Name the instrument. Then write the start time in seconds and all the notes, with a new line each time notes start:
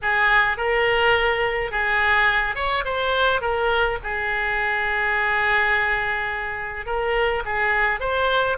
oboe
0.02 G#4
0.57 A#4
1.71 G#4
2.55 C#5
2.84 C5
3.41 A#4
4.03 G#4
6.86 A#4
7.45 G#4
8.00 C5